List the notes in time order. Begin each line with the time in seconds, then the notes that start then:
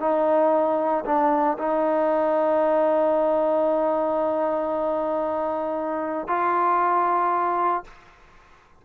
0.00 D#4
1.06 D4
1.58 D#4
6.28 F4